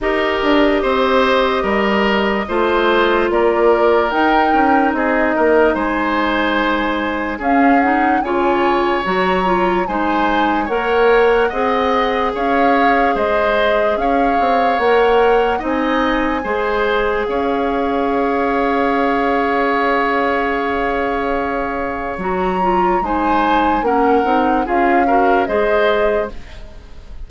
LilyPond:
<<
  \new Staff \with { instrumentName = "flute" } { \time 4/4 \tempo 4 = 73 dis''1 | d''4 g''4 dis''4 gis''4~ | gis''4 f''8 fis''8 gis''4 ais''4 | gis''4 fis''2 f''4 |
dis''4 f''4 fis''4 gis''4~ | gis''4 f''2.~ | f''2. ais''4 | gis''4 fis''4 f''4 dis''4 | }
  \new Staff \with { instrumentName = "oboe" } { \time 4/4 ais'4 c''4 ais'4 c''4 | ais'2 gis'8 ais'8 c''4~ | c''4 gis'4 cis''2 | c''4 cis''4 dis''4 cis''4 |
c''4 cis''2 dis''4 | c''4 cis''2.~ | cis''1 | c''4 ais'4 gis'8 ais'8 c''4 | }
  \new Staff \with { instrumentName = "clarinet" } { \time 4/4 g'2. f'4~ | f'4 dis'2.~ | dis'4 cis'8 dis'8 f'4 fis'8 f'8 | dis'4 ais'4 gis'2~ |
gis'2 ais'4 dis'4 | gis'1~ | gis'2. fis'8 f'8 | dis'4 cis'8 dis'8 f'8 fis'8 gis'4 | }
  \new Staff \with { instrumentName = "bassoon" } { \time 4/4 dis'8 d'8 c'4 g4 a4 | ais4 dis'8 cis'8 c'8 ais8 gis4~ | gis4 cis'4 cis4 fis4 | gis4 ais4 c'4 cis'4 |
gis4 cis'8 c'8 ais4 c'4 | gis4 cis'2.~ | cis'2. fis4 | gis4 ais8 c'8 cis'4 gis4 | }
>>